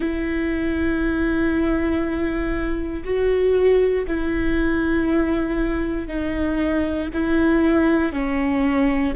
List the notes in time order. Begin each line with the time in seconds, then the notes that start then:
0.00 E4
3.04 F#4
4.07 E4
6.07 D#4
7.13 E4
8.12 C#4